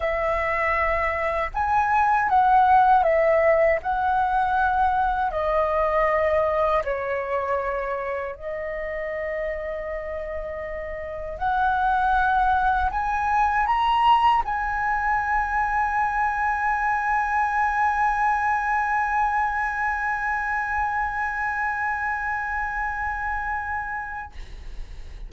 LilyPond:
\new Staff \with { instrumentName = "flute" } { \time 4/4 \tempo 4 = 79 e''2 gis''4 fis''4 | e''4 fis''2 dis''4~ | dis''4 cis''2 dis''4~ | dis''2. fis''4~ |
fis''4 gis''4 ais''4 gis''4~ | gis''1~ | gis''1~ | gis''1 | }